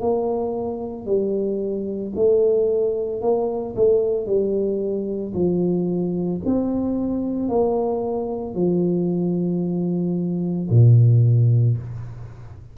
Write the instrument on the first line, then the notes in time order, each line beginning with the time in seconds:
tuba
0.00 A#3
1.05 G3
2.15 A3
3.21 A#3
3.75 A3
4.26 G3
5.34 F3
6.45 C4
7.49 A#3
8.54 F3
10.70 A#2